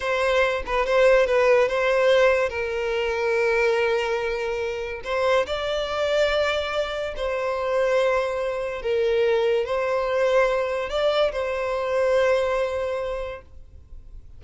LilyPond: \new Staff \with { instrumentName = "violin" } { \time 4/4 \tempo 4 = 143 c''4. b'8 c''4 b'4 | c''2 ais'2~ | ais'1 | c''4 d''2.~ |
d''4 c''2.~ | c''4 ais'2 c''4~ | c''2 d''4 c''4~ | c''1 | }